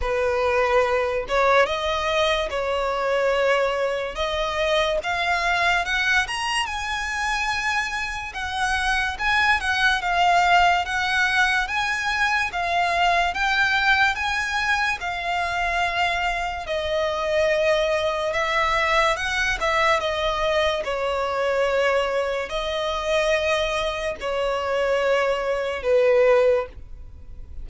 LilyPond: \new Staff \with { instrumentName = "violin" } { \time 4/4 \tempo 4 = 72 b'4. cis''8 dis''4 cis''4~ | cis''4 dis''4 f''4 fis''8 ais''8 | gis''2 fis''4 gis''8 fis''8 | f''4 fis''4 gis''4 f''4 |
g''4 gis''4 f''2 | dis''2 e''4 fis''8 e''8 | dis''4 cis''2 dis''4~ | dis''4 cis''2 b'4 | }